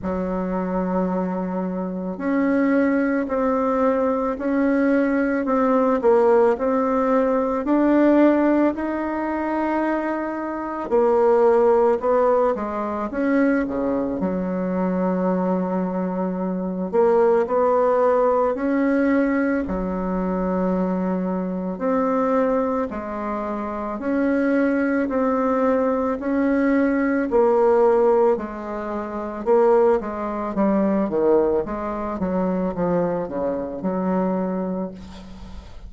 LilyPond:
\new Staff \with { instrumentName = "bassoon" } { \time 4/4 \tempo 4 = 55 fis2 cis'4 c'4 | cis'4 c'8 ais8 c'4 d'4 | dis'2 ais4 b8 gis8 | cis'8 cis8 fis2~ fis8 ais8 |
b4 cis'4 fis2 | c'4 gis4 cis'4 c'4 | cis'4 ais4 gis4 ais8 gis8 | g8 dis8 gis8 fis8 f8 cis8 fis4 | }